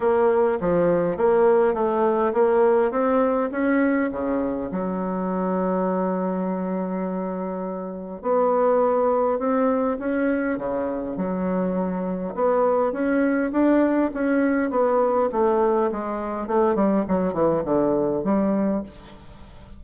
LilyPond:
\new Staff \with { instrumentName = "bassoon" } { \time 4/4 \tempo 4 = 102 ais4 f4 ais4 a4 | ais4 c'4 cis'4 cis4 | fis1~ | fis2 b2 |
c'4 cis'4 cis4 fis4~ | fis4 b4 cis'4 d'4 | cis'4 b4 a4 gis4 | a8 g8 fis8 e8 d4 g4 | }